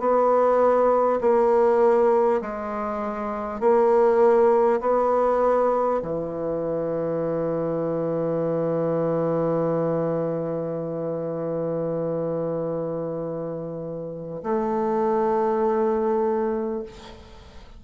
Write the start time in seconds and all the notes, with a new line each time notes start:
0.00 B3
1.22 A#3
2.42 G#3
3.61 A#3
4.81 B3
6.02 E3
14.43 A3